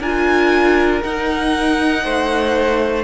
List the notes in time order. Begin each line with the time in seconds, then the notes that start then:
0.00 D4 F4 A#4 G#5
1.03 D#4 F#5
2.04 A3 C5